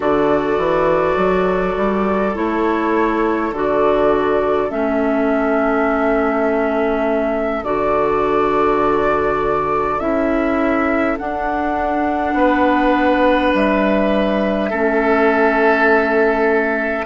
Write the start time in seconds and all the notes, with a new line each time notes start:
0.00 D3 F#4 A4 D5
0.57 E3
1.16 F#3
1.76 G3
2.34 A3 E4 C#5
3.51 D3 F#4 D5
4.69 A3 C#4 E5
7.63 D3 F#4 D5
9.99 C#4 E4 E5
11.17 D4 F#5
12.33 B3 B4
13.53 G3 E5
14.70 A3 C#4 A4